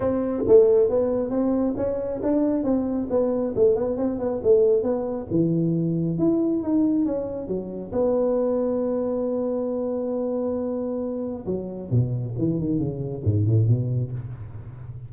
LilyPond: \new Staff \with { instrumentName = "tuba" } { \time 4/4 \tempo 4 = 136 c'4 a4 b4 c'4 | cis'4 d'4 c'4 b4 | a8 b8 c'8 b8 a4 b4 | e2 e'4 dis'4 |
cis'4 fis4 b2~ | b1~ | b2 fis4 b,4 | e8 dis8 cis4 gis,8 a,8 b,4 | }